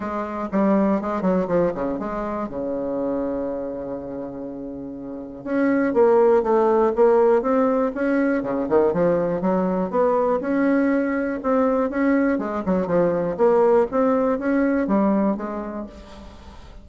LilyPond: \new Staff \with { instrumentName = "bassoon" } { \time 4/4 \tempo 4 = 121 gis4 g4 gis8 fis8 f8 cis8 | gis4 cis2.~ | cis2. cis'4 | ais4 a4 ais4 c'4 |
cis'4 cis8 dis8 f4 fis4 | b4 cis'2 c'4 | cis'4 gis8 fis8 f4 ais4 | c'4 cis'4 g4 gis4 | }